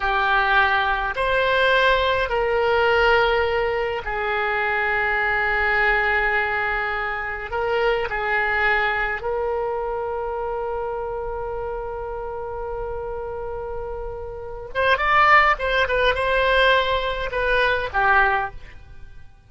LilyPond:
\new Staff \with { instrumentName = "oboe" } { \time 4/4 \tempo 4 = 104 g'2 c''2 | ais'2. gis'4~ | gis'1~ | gis'4 ais'4 gis'2 |
ais'1~ | ais'1~ | ais'4. c''8 d''4 c''8 b'8 | c''2 b'4 g'4 | }